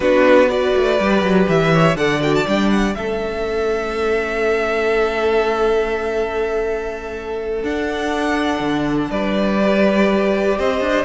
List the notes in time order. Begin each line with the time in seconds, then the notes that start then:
0.00 B3 D4 F#4 B4
0.48 F#4 B4 D5
0.76 A3
0.99 G3 G4
1.22 F#3
1.48 E3 E5
1.72 C#5
1.95 D3 A4 D5 F#5
2.21 F#4 G5
2.35 A5
2.47 G3 D4 G5
2.70 F#5
2.94 A3 C#4 A4 E5
7.63 D4 F#5
8.59 D3
9.10 G3 B4 D5
9.61 G4
10.58 C4 C5 D#5
10.80 D4